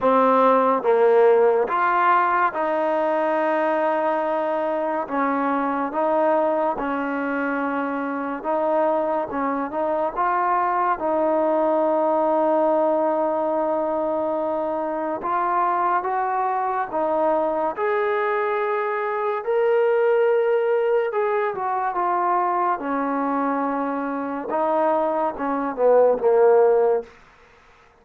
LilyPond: \new Staff \with { instrumentName = "trombone" } { \time 4/4 \tempo 4 = 71 c'4 ais4 f'4 dis'4~ | dis'2 cis'4 dis'4 | cis'2 dis'4 cis'8 dis'8 | f'4 dis'2.~ |
dis'2 f'4 fis'4 | dis'4 gis'2 ais'4~ | ais'4 gis'8 fis'8 f'4 cis'4~ | cis'4 dis'4 cis'8 b8 ais4 | }